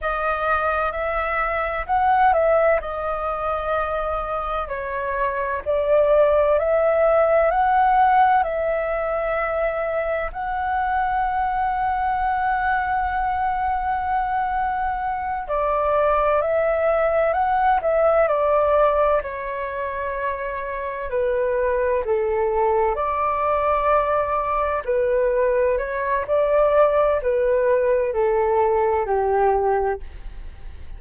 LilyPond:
\new Staff \with { instrumentName = "flute" } { \time 4/4 \tempo 4 = 64 dis''4 e''4 fis''8 e''8 dis''4~ | dis''4 cis''4 d''4 e''4 | fis''4 e''2 fis''4~ | fis''1~ |
fis''8 d''4 e''4 fis''8 e''8 d''8~ | d''8 cis''2 b'4 a'8~ | a'8 d''2 b'4 cis''8 | d''4 b'4 a'4 g'4 | }